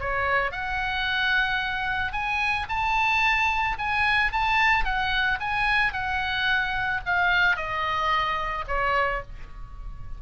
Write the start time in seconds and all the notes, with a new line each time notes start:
0.00 C#5
0.52 F#5
2.13 G#5
2.69 A5
3.79 G#5
4.33 A5
4.85 F#5
5.40 G#5
5.93 F#5
7.06 F5
7.57 D#5
8.68 C#5